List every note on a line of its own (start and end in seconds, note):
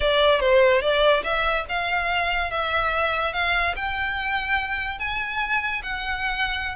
0.00 0.40 D5
0.40 0.81 C5
0.81 1.23 D5
1.23 1.65 E5
1.69 2.50 F5
2.50 3.33 E5
3.33 3.74 F5
3.76 4.98 G5
4.98 5.82 G#5
5.82 6.76 F#5